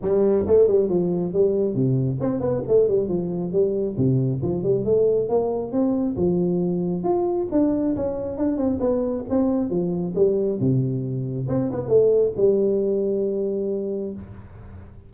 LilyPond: \new Staff \with { instrumentName = "tuba" } { \time 4/4 \tempo 4 = 136 g4 a8 g8 f4 g4 | c4 c'8 b8 a8 g8 f4 | g4 c4 f8 g8 a4 | ais4 c'4 f2 |
f'4 d'4 cis'4 d'8 c'8 | b4 c'4 f4 g4 | c2 c'8 b8 a4 | g1 | }